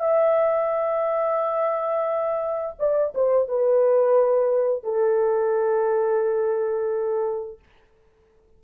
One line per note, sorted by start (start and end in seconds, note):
0.00 2.76 E5
2.79 3.14 D5
3.15 3.49 C5
3.49 4.84 B4
4.84 7.60 A4